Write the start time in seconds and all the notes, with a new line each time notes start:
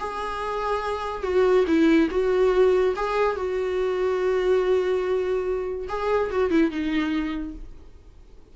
0.00 G#4
1.23 F#4
1.67 E4
2.11 F#4
2.96 G#4
3.37 F#4
5.89 G#4
6.31 F#4
6.51 E4
6.71 D#4